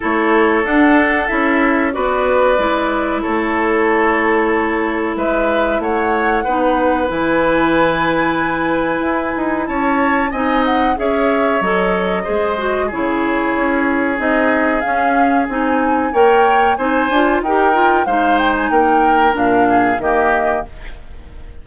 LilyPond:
<<
  \new Staff \with { instrumentName = "flute" } { \time 4/4 \tempo 4 = 93 cis''4 fis''4 e''4 d''4~ | d''4 cis''2. | e''4 fis''2 gis''4~ | gis''2. a''4 |
gis''8 fis''8 e''4 dis''2 | cis''2 dis''4 f''4 | gis''4 g''4 gis''4 g''4 | f''8 g''16 gis''16 g''4 f''4 dis''4 | }
  \new Staff \with { instrumentName = "oboe" } { \time 4/4 a'2. b'4~ | b'4 a'2. | b'4 cis''4 b'2~ | b'2. cis''4 |
dis''4 cis''2 c''4 | gis'1~ | gis'4 cis''4 c''4 ais'4 | c''4 ais'4. gis'8 g'4 | }
  \new Staff \with { instrumentName = "clarinet" } { \time 4/4 e'4 d'4 e'4 fis'4 | e'1~ | e'2 dis'4 e'4~ | e'1 |
dis'4 gis'4 a'4 gis'8 fis'8 | e'2 dis'4 cis'4 | dis'4 ais'4 dis'8 f'8 g'8 f'8 | dis'2 d'4 ais4 | }
  \new Staff \with { instrumentName = "bassoon" } { \time 4/4 a4 d'4 cis'4 b4 | gis4 a2. | gis4 a4 b4 e4~ | e2 e'8 dis'8 cis'4 |
c'4 cis'4 fis4 gis4 | cis4 cis'4 c'4 cis'4 | c'4 ais4 c'8 d'8 dis'4 | gis4 ais4 ais,4 dis4 | }
>>